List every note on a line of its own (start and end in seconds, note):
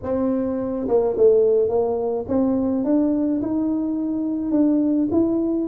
0.02 0.87 C4
0.87 1.16 A#3
1.17 1.68 A3
1.68 2.25 A#3
2.27 2.84 C4
2.84 3.41 D4
3.41 4.51 D#4
4.51 5.08 D4
5.11 5.68 E4